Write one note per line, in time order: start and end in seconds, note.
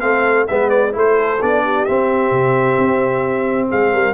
0.00 0.48 A3
0.00 0.47 C4
0.00 0.49 A4
0.00 0.46 F5
0.47 0.95 G#3
0.47 0.92 B3
0.47 0.95 B4
0.47 0.69 E5
0.69 0.92 D5
0.92 1.41 A3
0.92 1.38 E4
0.92 1.64 A4
0.92 1.42 C5
1.41 1.87 B3
1.41 1.87 D4
1.41 1.85 D5
1.64 3.68 G4
1.85 4.14 C4
1.85 2.31 C4
1.85 3.68 E5
2.31 2.77 C3
2.78 3.70 C4
3.68 3.93 G#3
3.68 3.91 G#4
3.68 4.14 F5
3.93 4.14 G3
3.93 4.14 A#4